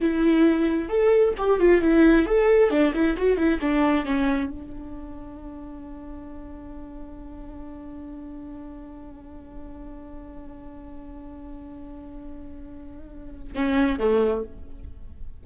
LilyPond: \new Staff \with { instrumentName = "viola" } { \time 4/4 \tempo 4 = 133 e'2 a'4 g'8 f'8 | e'4 a'4 d'8 e'8 fis'8 e'8 | d'4 cis'4 d'2~ | d'1~ |
d'1~ | d'1~ | d'1~ | d'2 cis'4 a4 | }